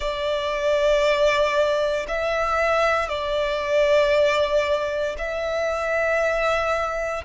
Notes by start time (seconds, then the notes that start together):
0.00 D5
2.08 E5
3.08 D5
5.18 E5